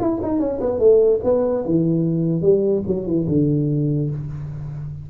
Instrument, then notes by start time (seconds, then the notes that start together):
tuba
0.00 E4
0.23 D#4
0.40 C#4
0.61 B3
0.79 A3
1.24 B3
1.65 E3
2.42 G3
2.87 F#3
3.07 E3
3.28 D3